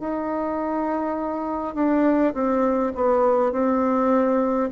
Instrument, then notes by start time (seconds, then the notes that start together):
bassoon
0.00 D#4
1.75 D4
2.34 C4
2.95 B3
3.52 C4